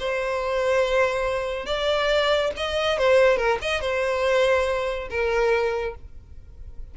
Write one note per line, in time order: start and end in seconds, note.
0.00 1.66 C5
1.66 2.51 D5
2.57 2.98 D#5
2.98 3.38 C5
3.38 3.59 A#4
3.62 3.81 D#5
3.81 5.09 C5
5.10 5.95 A#4